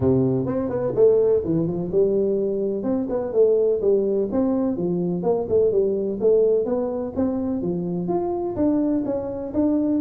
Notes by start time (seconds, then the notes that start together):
0.00 C3
0.46 C4
0.69 B3
0.95 A3
1.44 E3
1.67 F3
1.91 G3
2.83 C4
3.09 B3
3.32 A3
3.81 G3
4.31 C4
4.76 F3
5.23 A#3
5.48 A3
5.71 G3
6.20 A3
6.65 B3
7.15 C4
7.62 F3
8.07 F4
8.56 D4
9.05 C#4
9.53 D4